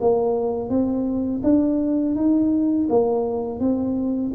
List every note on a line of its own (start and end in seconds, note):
0.00 0.69 A#3
0.69 1.41 C4
1.43 2.15 D4
2.15 2.87 D#4
2.89 3.59 A#3
3.59 4.31 C4